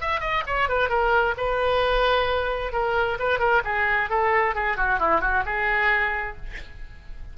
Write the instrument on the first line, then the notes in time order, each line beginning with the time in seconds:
oboe
0.00 E5
0.20 D#5
0.46 C#5
0.69 B4
0.89 A#4
1.37 B4
2.72 A#4
3.19 B4
3.39 A#4
3.64 G#4
4.10 A4
4.55 G#4
4.76 F#4
4.99 E4
5.21 F#4
5.45 G#4